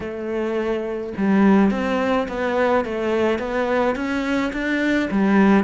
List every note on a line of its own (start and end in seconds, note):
0.00 1.13 A3
1.17 1.70 G3
1.70 2.27 C4
2.28 2.85 B3
2.85 3.38 A3
3.38 3.95 B3
3.95 4.52 C#4
4.52 5.09 D4
5.10 5.64 G3